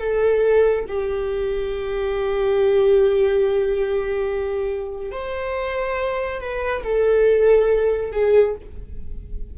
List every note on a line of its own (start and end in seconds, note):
0.00 0.86 A4
0.88 5.12 G4
5.12 6.41 C5
6.41 6.83 B4
6.84 8.12 A4
8.12 8.55 G#4